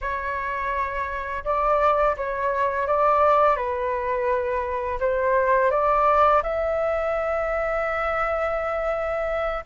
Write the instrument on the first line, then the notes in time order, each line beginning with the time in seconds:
flute
0.01 C#5
1.44 D5
2.17 C#5
2.87 D5
3.56 B4
5.00 C5
5.70 D5
6.43 E5